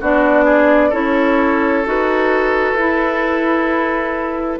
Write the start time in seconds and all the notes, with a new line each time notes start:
0.00 B3 D4 F#4 D5
0.44 G#4
0.89 C#4 E4 A4 C#5
1.85 D#4 F#4 B4
2.73 E4